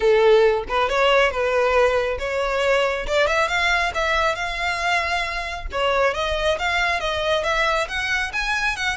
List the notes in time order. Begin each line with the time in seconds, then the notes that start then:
0.00 A4
0.68 B4
0.89 C#5
1.30 B4
2.18 C#5
3.06 D5
3.27 E5
3.48 F5
3.94 E5
4.35 F5
5.71 C#5
6.14 D#5
6.58 F5
7.00 D#5
7.43 E5
7.88 F#5
8.32 G#5
8.76 F#5